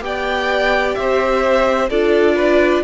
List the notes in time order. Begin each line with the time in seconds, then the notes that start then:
0.00 B3 G4 D5 G5
0.95 C4 C5 E5
1.89 D4 F4 A4 D5
2.35 B4